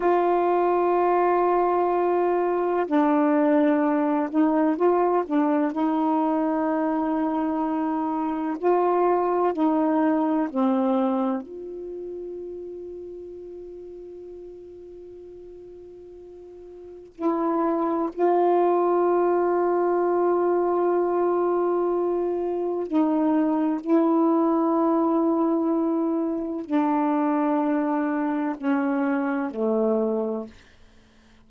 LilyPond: \new Staff \with { instrumentName = "saxophone" } { \time 4/4 \tempo 4 = 63 f'2. d'4~ | d'8 dis'8 f'8 d'8 dis'2~ | dis'4 f'4 dis'4 c'4 | f'1~ |
f'2 e'4 f'4~ | f'1 | dis'4 e'2. | d'2 cis'4 a4 | }